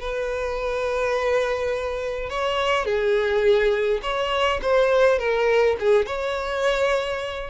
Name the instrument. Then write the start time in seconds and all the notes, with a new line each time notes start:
violin
0.00 B4
2.30 C#5
2.85 G#4
4.03 C#5
4.62 C5
5.19 A#4
5.80 G#4
6.06 C#5